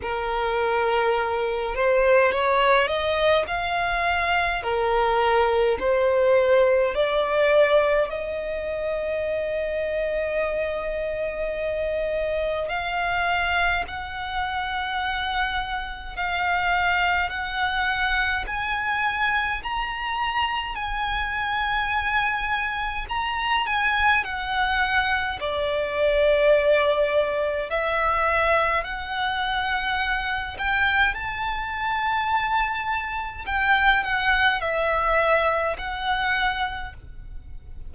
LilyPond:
\new Staff \with { instrumentName = "violin" } { \time 4/4 \tempo 4 = 52 ais'4. c''8 cis''8 dis''8 f''4 | ais'4 c''4 d''4 dis''4~ | dis''2. f''4 | fis''2 f''4 fis''4 |
gis''4 ais''4 gis''2 | ais''8 gis''8 fis''4 d''2 | e''4 fis''4. g''8 a''4~ | a''4 g''8 fis''8 e''4 fis''4 | }